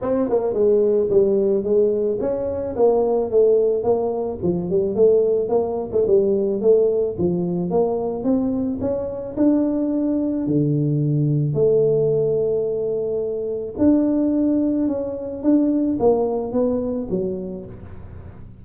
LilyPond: \new Staff \with { instrumentName = "tuba" } { \time 4/4 \tempo 4 = 109 c'8 ais8 gis4 g4 gis4 | cis'4 ais4 a4 ais4 | f8 g8 a4 ais8. a16 g4 | a4 f4 ais4 c'4 |
cis'4 d'2 d4~ | d4 a2.~ | a4 d'2 cis'4 | d'4 ais4 b4 fis4 | }